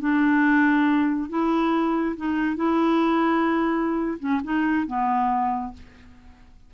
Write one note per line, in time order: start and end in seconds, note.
0.00 1.29 D4
1.29 2.16 E4
2.17 2.56 D#4
2.56 4.18 E4
4.20 4.41 C#4
4.44 4.87 D#4
4.87 5.74 B3